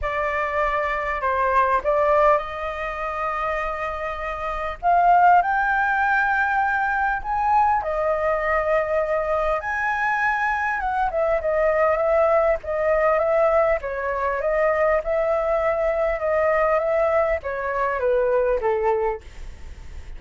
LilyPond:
\new Staff \with { instrumentName = "flute" } { \time 4/4 \tempo 4 = 100 d''2 c''4 d''4 | dis''1 | f''4 g''2. | gis''4 dis''2. |
gis''2 fis''8 e''8 dis''4 | e''4 dis''4 e''4 cis''4 | dis''4 e''2 dis''4 | e''4 cis''4 b'4 a'4 | }